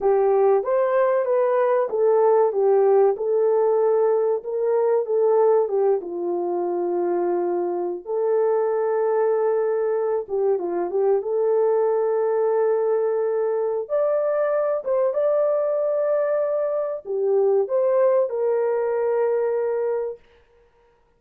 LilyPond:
\new Staff \with { instrumentName = "horn" } { \time 4/4 \tempo 4 = 95 g'4 c''4 b'4 a'4 | g'4 a'2 ais'4 | a'4 g'8 f'2~ f'8~ | f'8. a'2.~ a'16~ |
a'16 g'8 f'8 g'8 a'2~ a'16~ | a'2 d''4. c''8 | d''2. g'4 | c''4 ais'2. | }